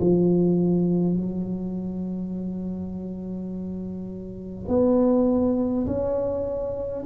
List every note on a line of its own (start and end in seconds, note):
0.00 1.17 F3
1.17 4.68 F#3
4.68 5.86 B3
5.87 7.04 C#4